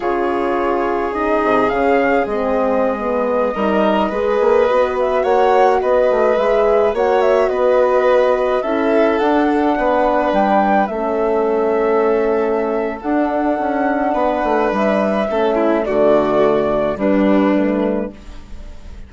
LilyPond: <<
  \new Staff \with { instrumentName = "flute" } { \time 4/4 \tempo 4 = 106 cis''2 dis''4 f''4 | dis''1~ | dis''8. e''8 fis''4 dis''4 e''8.~ | e''16 fis''8 e''8 dis''2 e''8.~ |
e''16 fis''2 g''4 e''8.~ | e''2. fis''4~ | fis''2 e''2 | d''2 b'2 | }
  \new Staff \with { instrumentName = "violin" } { \time 4/4 gis'1~ | gis'2~ gis'16 ais'4 b'8.~ | b'4~ b'16 cis''4 b'4.~ b'16~ | b'16 cis''4 b'2 a'8.~ |
a'4~ a'16 b'2 a'8.~ | a'1~ | a'4 b'2 a'8 e'8 | fis'2 d'2 | }
  \new Staff \with { instrumentName = "horn" } { \time 4/4 f'2 dis'4 cis'4 | c'4~ c'16 b4 dis'4 gis'8.~ | gis'16 fis'2. gis'8.~ | gis'16 fis'2. e'8.~ |
e'16 d'2. cis'8.~ | cis'2. d'4~ | d'2. cis'4 | a2 g4 a4 | }
  \new Staff \with { instrumentName = "bassoon" } { \time 4/4 cis2~ cis8 c8 cis4 | gis2~ gis16 g4 gis8 ais16~ | ais16 b4 ais4 b8 a8 gis8.~ | gis16 ais4 b2 cis'8.~ |
cis'16 d'4 b4 g4 a8.~ | a2. d'4 | cis'4 b8 a8 g4 a4 | d2 g2 | }
>>